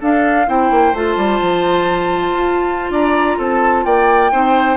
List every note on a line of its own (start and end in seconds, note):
0.00 0.47 D4
0.00 0.48 D4
0.00 0.47 A4
0.00 0.49 F5
0.47 0.71 C4
0.47 0.93 E4
0.47 2.92 C5
0.47 0.95 G5
0.71 0.93 A#3
0.93 1.16 A3
0.93 4.32 F4
0.93 2.93 A5
1.16 1.40 G3
1.41 2.33 F3
2.33 2.90 F4
2.90 3.37 D4
2.90 3.38 D5
2.90 3.39 A#5
3.38 3.85 C4
3.38 3.84 A4
3.38 3.84 A5
3.84 4.31 A#3
3.84 4.32 D5
3.84 4.77 G5
4.32 4.77 C4
4.32 4.77 D#4
4.32 4.77 C5